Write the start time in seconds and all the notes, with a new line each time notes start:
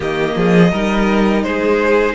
0.00 D#3 A#3 G4 D#5
0.35 F3 G#4
0.71 G3 D#4 A#4
1.43 G#3 G#4 C5